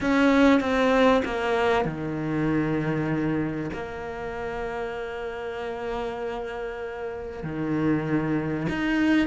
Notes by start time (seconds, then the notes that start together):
0.00 C#4
0.60 C4
1.24 A#3
1.84 D#3
3.73 A#3
7.43 D#3
8.69 D#4